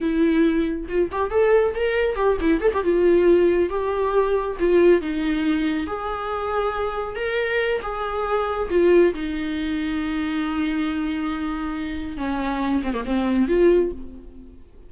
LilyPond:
\new Staff \with { instrumentName = "viola" } { \time 4/4 \tempo 4 = 138 e'2 f'8 g'8 a'4 | ais'4 g'8 e'8 a'16 g'16 f'4.~ | f'8 g'2 f'4 dis'8~ | dis'4. gis'2~ gis'8~ |
gis'8 ais'4. gis'2 | f'4 dis'2.~ | dis'1 | cis'4. c'16 ais16 c'4 f'4 | }